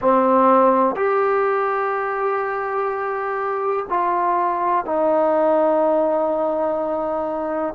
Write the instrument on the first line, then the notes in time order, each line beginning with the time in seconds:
trombone
0.00 C4
0.95 G4
3.89 F4
4.85 D#4